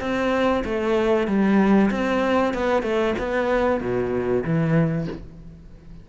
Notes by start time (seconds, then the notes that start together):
0.00 C4
0.64 A3
1.27 G3
1.90 C4
2.53 B3
2.82 A3
3.18 B3
3.80 B2
4.44 E3